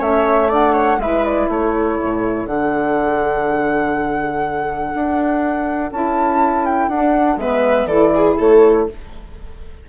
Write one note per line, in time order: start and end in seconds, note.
0.00 0.98 A3
0.00 0.50 C#4
0.00 0.49 C#5
0.00 0.51 E5
0.49 0.99 D4
0.49 0.73 D5
0.49 1.01 F#5
0.73 0.98 C#5
0.98 1.47 G#3
0.98 2.48 E4
0.98 1.52 B4
0.98 1.25 E5
1.25 1.49 D5
1.49 1.98 A3
1.49 7.41 A4
1.49 2.47 C#5
2.03 2.47 A2
2.47 4.93 D3
2.47 5.92 D4
2.47 5.91 F#5
4.95 5.92 D4
5.92 6.88 C#4
5.92 6.90 E4
5.92 6.65 A5
6.65 6.89 G5
6.88 7.36 D4
6.88 7.40 D4
6.88 7.38 F#5
7.36 7.86 G#3
7.36 7.89 B3
7.36 7.87 B4
7.36 7.87 E5
7.86 8.35 E3
7.86 8.89 E4
7.86 8.12 A4
7.86 8.36 D5
8.14 8.38 G#4
8.38 8.89 A3
8.38 8.87 A4
8.38 8.89 C#5